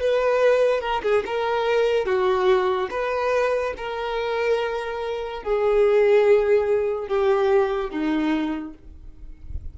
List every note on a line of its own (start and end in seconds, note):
0.00 0.81 B4
0.81 1.02 A#4
1.03 1.23 G#4
1.26 2.06 A#4
2.06 2.89 F#4
2.90 3.73 B4
3.77 5.43 A#4
5.43 7.08 G#4
7.08 7.90 G4
7.90 8.73 D#4